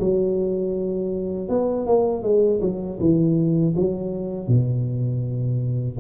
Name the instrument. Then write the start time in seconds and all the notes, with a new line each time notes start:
tuba
0.00 F#3
1.49 B3
1.87 A#3
2.23 G#3
2.61 F#3
3.00 E3
3.77 F#3
4.48 B2